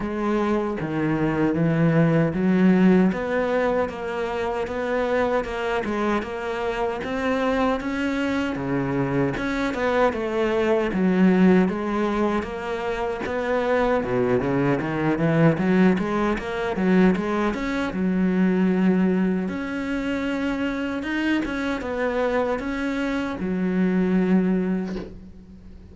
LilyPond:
\new Staff \with { instrumentName = "cello" } { \time 4/4 \tempo 4 = 77 gis4 dis4 e4 fis4 | b4 ais4 b4 ais8 gis8 | ais4 c'4 cis'4 cis4 | cis'8 b8 a4 fis4 gis4 |
ais4 b4 b,8 cis8 dis8 e8 | fis8 gis8 ais8 fis8 gis8 cis'8 fis4~ | fis4 cis'2 dis'8 cis'8 | b4 cis'4 fis2 | }